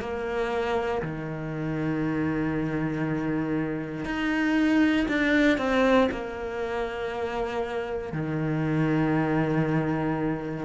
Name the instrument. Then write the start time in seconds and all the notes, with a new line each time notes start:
cello
0.00 A#3
1.02 D#3
4.04 D#4
5.08 D4
5.57 C4
6.11 A#3
8.13 D#3